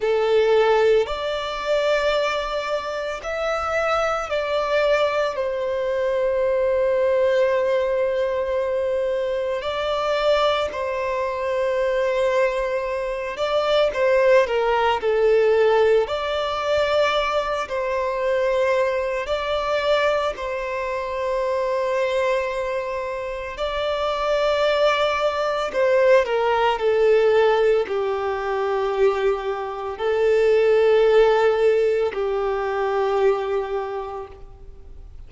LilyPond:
\new Staff \with { instrumentName = "violin" } { \time 4/4 \tempo 4 = 56 a'4 d''2 e''4 | d''4 c''2.~ | c''4 d''4 c''2~ | c''8 d''8 c''8 ais'8 a'4 d''4~ |
d''8 c''4. d''4 c''4~ | c''2 d''2 | c''8 ais'8 a'4 g'2 | a'2 g'2 | }